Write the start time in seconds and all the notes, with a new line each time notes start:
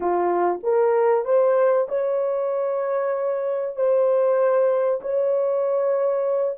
0.00 F4
0.62 A#4
1.24 C5
1.88 C#5
3.76 C5
5.01 C#5